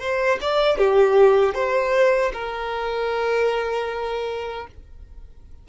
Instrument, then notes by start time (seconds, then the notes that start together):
violin
0.00 C5
0.41 D5
0.78 G4
1.54 C5
2.33 A#4